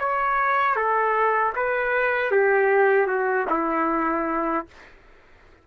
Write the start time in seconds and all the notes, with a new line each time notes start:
0.00 C#5
0.76 A4
1.56 B4
2.31 G4
3.07 F#4
3.50 E4